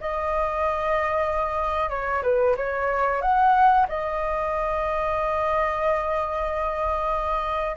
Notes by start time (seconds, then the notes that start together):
0.00 D#5
1.89 C#5
2.23 B4
2.56 C#5
3.21 F#5
3.88 D#5